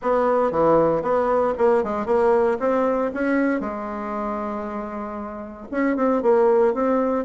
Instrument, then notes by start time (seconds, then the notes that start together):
bassoon
0.02 B3
0.51 E3
1.02 B3
1.58 A#3
1.83 G#3
2.06 A#3
2.59 C4
3.13 C#4
3.60 G#3
5.71 C#4
5.96 C4
6.22 A#3
6.74 C4